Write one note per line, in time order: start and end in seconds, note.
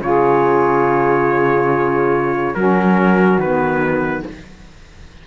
0.00 2.54 C#3
0.00 2.54 F4
0.00 2.55 G#4
0.00 2.55 C#5
2.55 3.37 F#3
2.55 3.40 C#4
2.55 4.24 F#4
2.55 3.39 A#4
3.37 4.22 D#3
3.37 4.27 B3
3.37 4.24 B4